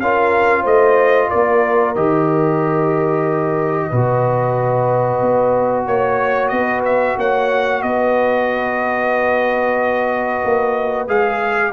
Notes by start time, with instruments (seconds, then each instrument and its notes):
0.00 tuba C#4, trombone F4, horn A#4, trumpet F5
0.62 tuba A3, horn C5, trumpet D#5
1.30 tuba A#3, horn A#4, trumpet D5
1.96 tuba D#3, trombone G4, trumpet D#5
3.89 tuba B2, trombone F#4, horn B4
5.22 tuba B3
5.87 tuba A#3, trumpet C#5, horn C#5
6.48 tuba B3, trumpet D#5
6.55 horn B4
6.85 trumpet E5
7.18 tuba A#3, horn C#5, trumpet F#5
7.82 tuba B3, horn B4, trumpet D#5
10.44 tuba A#3
11.08 tuba G#3, trombone G#4, trumpet F5